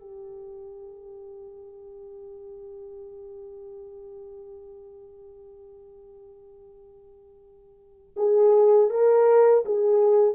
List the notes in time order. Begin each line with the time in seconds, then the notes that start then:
0.00 G4
8.16 G#4
8.90 A#4
9.66 G#4